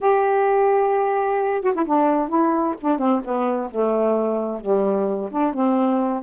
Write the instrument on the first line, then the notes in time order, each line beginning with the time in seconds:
saxophone
0.00 G4
1.62 F#4
1.74 E4
1.86 D4
2.28 E4
2.81 D4
2.98 C4
3.24 B3
3.70 A3
4.60 G3
5.31 D4
5.53 C4